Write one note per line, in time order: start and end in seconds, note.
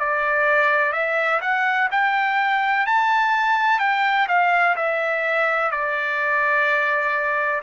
0.00 0.93 D5
0.93 1.40 E5
1.42 1.89 F#5
1.91 2.87 G5
2.87 3.80 A5
3.80 4.27 G5
4.28 4.76 F5
4.76 5.71 E5
5.71 7.62 D5